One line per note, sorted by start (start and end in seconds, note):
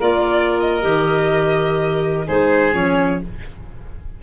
0.00 0.84 A#3
0.00 0.82 F4
0.00 2.27 A#4
0.00 0.60 D5
0.60 2.28 D#5
0.82 2.28 D#3
0.82 2.25 G4
2.27 2.74 G#3
2.27 2.73 D#4
2.27 3.23 G#4
2.27 2.74 C5
2.73 3.22 F3
2.73 3.21 C#4
2.73 3.22 C#5